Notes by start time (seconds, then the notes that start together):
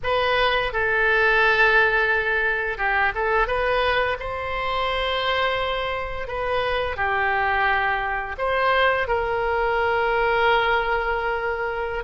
0.03 B4
0.72 A4
2.77 G4
3.14 A4
3.47 B4
4.19 C5
6.27 B4
6.96 G4
8.38 C5
9.07 A#4